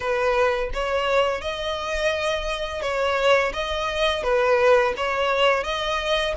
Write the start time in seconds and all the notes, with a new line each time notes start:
0.00 B4
0.73 C#5
1.41 D#5
2.81 C#5
3.53 D#5
4.23 B4
4.96 C#5
5.63 D#5